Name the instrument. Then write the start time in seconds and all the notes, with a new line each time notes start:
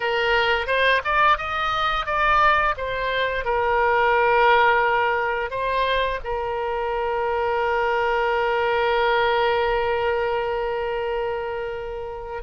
oboe
0.00 A#4
0.66 C5
1.04 D5
1.37 D#5
2.06 D5
2.77 C5
3.45 A#4
5.50 C5
6.24 A#4